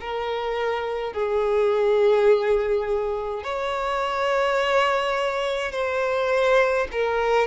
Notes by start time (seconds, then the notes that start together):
0.00 A#4
1.13 G#4
3.43 C#5
5.72 C5
6.91 A#4